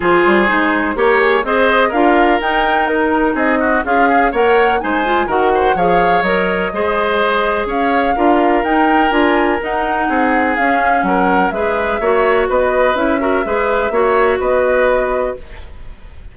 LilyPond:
<<
  \new Staff \with { instrumentName = "flute" } { \time 4/4 \tempo 4 = 125 c''2 ais'8 gis'8 dis''4 | f''4 g''4 ais'4 dis''4 | f''4 fis''4 gis''4 fis''4 | f''4 dis''2. |
f''2 g''4 gis''4 | fis''2 f''4 fis''4 | e''2 dis''4 e''4~ | e''2 dis''2 | }
  \new Staff \with { instrumentName = "oboe" } { \time 4/4 gis'2 cis''4 c''4 | ais'2. gis'8 fis'8 | f'8 gis'8 cis''4 c''4 ais'8 c''8 | cis''2 c''2 |
cis''4 ais'2.~ | ais'4 gis'2 ais'4 | b'4 cis''4 b'4. ais'8 | b'4 cis''4 b'2 | }
  \new Staff \with { instrumentName = "clarinet" } { \time 4/4 f'4 dis'4 g'4 gis'4 | f'4 dis'2. | gis'4 ais'4 dis'8 f'8 fis'4 | gis'4 ais'4 gis'2~ |
gis'4 f'4 dis'4 f'4 | dis'2 cis'2 | gis'4 fis'2 e'8 fis'8 | gis'4 fis'2. | }
  \new Staff \with { instrumentName = "bassoon" } { \time 4/4 f8 g8 gis4 ais4 c'4 | d'4 dis'2 c'4 | cis'4 ais4 gis4 dis4 | f4 fis4 gis2 |
cis'4 d'4 dis'4 d'4 | dis'4 c'4 cis'4 fis4 | gis4 ais4 b4 cis'4 | gis4 ais4 b2 | }
>>